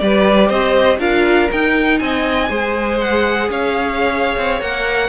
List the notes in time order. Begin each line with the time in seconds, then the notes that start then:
0.00 G3 G4 B4 D5
0.48 C4 C5 D#5
0.99 D4 F4 A#4 F5
1.51 D#4 G5
1.99 C4 D#5 G#5
2.49 G#3 G#4 C5
3.00 F#5
3.49 C#4 C#5 F5
4.37 C4
4.60 A#3 A#4 F#5